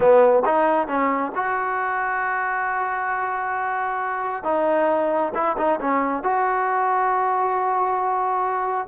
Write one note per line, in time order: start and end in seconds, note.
0.00 0.43 B3
0.45 0.87 D#4
0.87 1.32 C#4
1.35 4.43 F#4
4.43 5.32 D#4
5.34 5.56 E4
5.57 5.79 D#4
5.80 6.23 C#4
6.23 8.87 F#4